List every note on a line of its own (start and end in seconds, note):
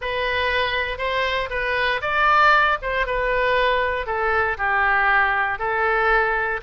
0.01 0.98 B4
0.98 1.49 C5
1.50 2.00 B4
2.01 2.78 D5
2.82 3.06 C5
3.06 4.06 B4
4.06 4.57 A4
4.57 5.59 G4
5.59 6.60 A4